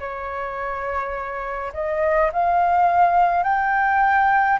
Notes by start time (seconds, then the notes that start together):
0.00 C#5
1.74 D#5
2.33 F5
3.44 G5